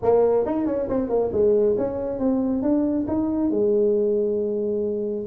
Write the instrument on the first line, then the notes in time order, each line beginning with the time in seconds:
tuba
0.02 A#3
0.45 D#4
0.66 C#4
0.88 C4
1.09 A#3
1.32 G#3
1.77 C#4
2.19 C4
2.62 D4
3.07 D#4
3.50 G#3